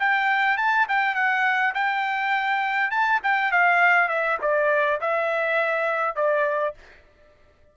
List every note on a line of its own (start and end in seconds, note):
0.00 0.58 G5
0.58 0.87 A5
0.89 1.15 G5
1.15 1.74 F#5
1.75 2.91 G5
2.91 3.21 A5
3.24 3.52 G5
3.52 4.09 F5
4.09 4.38 E5
4.42 5.01 D5
5.01 6.16 E5
6.16 6.75 D5